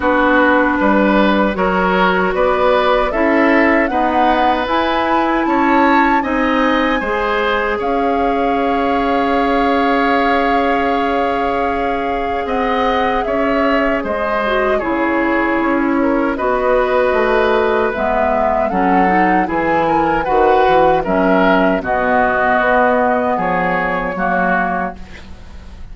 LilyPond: <<
  \new Staff \with { instrumentName = "flute" } { \time 4/4 \tempo 4 = 77 b'2 cis''4 d''4 | e''4 fis''4 gis''4 a''4 | gis''2 f''2~ | f''1 |
fis''4 e''4 dis''4 cis''4~ | cis''4 dis''2 e''4 | fis''4 gis''4 fis''4 e''4 | dis''2 cis''2 | }
  \new Staff \with { instrumentName = "oboe" } { \time 4/4 fis'4 b'4 ais'4 b'4 | a'4 b'2 cis''4 | dis''4 c''4 cis''2~ | cis''1 |
dis''4 cis''4 c''4 gis'4~ | gis'8 ais'8 b'2. | a'4 gis'8 ais'8 b'4 ais'4 | fis'2 gis'4 fis'4 | }
  \new Staff \with { instrumentName = "clarinet" } { \time 4/4 d'2 fis'2 | e'4 b4 e'2 | dis'4 gis'2.~ | gis'1~ |
gis'2~ gis'8 fis'8 e'4~ | e'4 fis'2 b4 | cis'8 dis'8 e'4 fis'4 cis'4 | b2. ais4 | }
  \new Staff \with { instrumentName = "bassoon" } { \time 4/4 b4 g4 fis4 b4 | cis'4 dis'4 e'4 cis'4 | c'4 gis4 cis'2~ | cis'1 |
c'4 cis'4 gis4 cis4 | cis'4 b4 a4 gis4 | fis4 e4 dis8 e8 fis4 | b,4 b4 f4 fis4 | }
>>